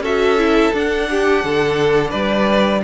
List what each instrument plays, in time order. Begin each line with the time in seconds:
0.00 cello C#4, viola F#4, violin A4 E5
0.38 viola E4
0.73 viola D4, cello D4, violin F#5
1.10 violin G4
1.44 cello D3, violin A4
2.10 cello G3, violin B4 D5